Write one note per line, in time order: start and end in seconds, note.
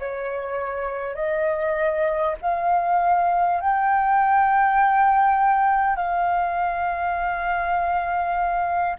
0.00 1.15 C#5
1.15 2.35 D#5
2.42 3.61 F5
3.61 5.97 G5
5.97 8.97 F5